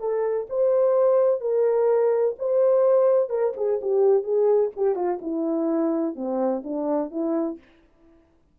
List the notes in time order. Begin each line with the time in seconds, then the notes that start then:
0.00 A4
0.50 C5
1.41 A#4
2.39 C5
3.29 A#4
3.57 G#4
3.82 G4
4.23 G#4
4.76 G4
4.96 F4
5.22 E4
6.16 C4
6.64 D4
7.11 E4